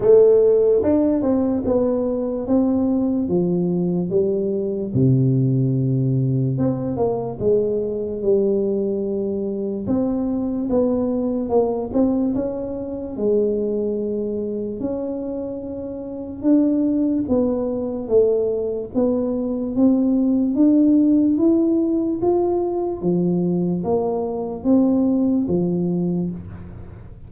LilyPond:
\new Staff \with { instrumentName = "tuba" } { \time 4/4 \tempo 4 = 73 a4 d'8 c'8 b4 c'4 | f4 g4 c2 | c'8 ais8 gis4 g2 | c'4 b4 ais8 c'8 cis'4 |
gis2 cis'2 | d'4 b4 a4 b4 | c'4 d'4 e'4 f'4 | f4 ais4 c'4 f4 | }